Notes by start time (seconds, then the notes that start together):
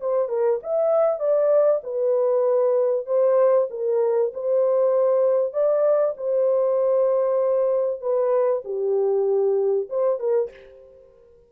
0.00 C5
0.28 A#4
0.62 E5
1.19 D5
1.83 B4
3.06 C5
3.70 A#4
4.33 C5
5.52 D5
6.17 C5
8.00 B4
8.64 G4
9.89 C5
10.19 A#4